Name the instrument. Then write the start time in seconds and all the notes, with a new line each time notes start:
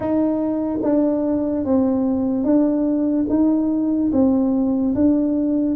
tuba
0.00 D#4
0.82 D4
1.64 C4
2.44 D4
3.29 D#4
4.12 C4
4.95 D4